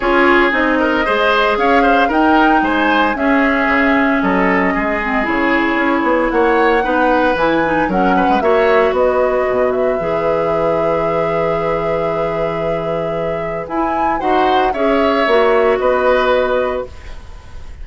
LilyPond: <<
  \new Staff \with { instrumentName = "flute" } { \time 4/4 \tempo 4 = 114 cis''4 dis''2 f''4 | g''4 gis''4 e''2 | dis''2 cis''2 | fis''2 gis''4 fis''4 |
e''4 dis''4. e''4.~ | e''1~ | e''2 gis''4 fis''4 | e''2 dis''2 | }
  \new Staff \with { instrumentName = "oboe" } { \time 4/4 gis'4. ais'8 c''4 cis''8 c''8 | ais'4 c''4 gis'2 | a'4 gis'2. | cis''4 b'2 ais'8 b'8 |
cis''4 b'2.~ | b'1~ | b'2. c''4 | cis''2 b'2 | }
  \new Staff \with { instrumentName = "clarinet" } { \time 4/4 f'4 dis'4 gis'2 | dis'2 cis'2~ | cis'4. c'8 e'2~ | e'4 dis'4 e'8 dis'8 cis'4 |
fis'2. gis'4~ | gis'1~ | gis'2 e'4 fis'4 | gis'4 fis'2. | }
  \new Staff \with { instrumentName = "bassoon" } { \time 4/4 cis'4 c'4 gis4 cis'4 | dis'4 gis4 cis'4 cis4 | fis4 gis4 cis4 cis'8 b8 | ais4 b4 e4 fis8. gis16 |
ais4 b4 b,4 e4~ | e1~ | e2 e'4 dis'4 | cis'4 ais4 b2 | }
>>